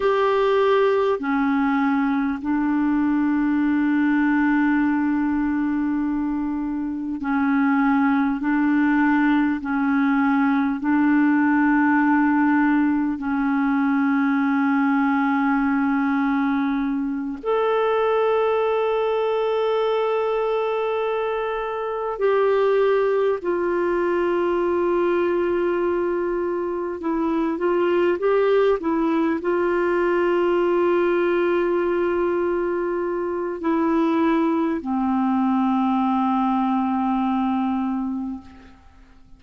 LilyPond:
\new Staff \with { instrumentName = "clarinet" } { \time 4/4 \tempo 4 = 50 g'4 cis'4 d'2~ | d'2 cis'4 d'4 | cis'4 d'2 cis'4~ | cis'2~ cis'8 a'4.~ |
a'2~ a'8 g'4 f'8~ | f'2~ f'8 e'8 f'8 g'8 | e'8 f'2.~ f'8 | e'4 c'2. | }